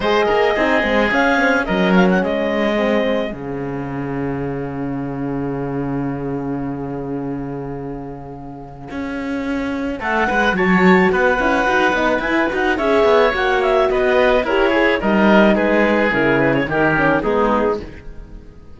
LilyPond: <<
  \new Staff \with { instrumentName = "clarinet" } { \time 4/4 \tempo 4 = 108 dis''2 f''4 dis''8 f''16 fis''16 | dis''2 f''2~ | f''1~ | f''1~ |
f''2 fis''4 a''4 | fis''2 gis''8 fis''8 e''4 | fis''8 e''8 dis''4 cis''4 dis''4 | b'4 ais'8 b'16 cis''16 ais'4 gis'4 | }
  \new Staff \with { instrumentName = "oboe" } { \time 4/4 c''8 ais'8 gis'2 ais'4 | gis'1~ | gis'1~ | gis'1~ |
gis'2 a'8 b'8 cis''4 | b'2. cis''4~ | cis''4 b'4 ais'8 gis'8 ais'4 | gis'2 g'4 dis'4 | }
  \new Staff \with { instrumentName = "horn" } { \time 4/4 gis'4 dis'8 c'8 cis'8 c'8 cis'4~ | cis'4 c'4 cis'2~ | cis'1~ | cis'1~ |
cis'2. fis'4~ | fis'8 e'8 fis'8 dis'8 e'8 fis'8 gis'4 | fis'2 g'8 gis'8 dis'4~ | dis'4 e'4 dis'8 cis'8 b4 | }
  \new Staff \with { instrumentName = "cello" } { \time 4/4 gis8 ais8 c'8 gis8 cis'4 fis4 | gis2 cis2~ | cis1~ | cis1 |
cis'2 a8 gis8 fis4 | b8 cis'8 dis'8 b8 e'8 dis'8 cis'8 b8 | ais4 b4 e'4 g4 | gis4 cis4 dis4 gis4 | }
>>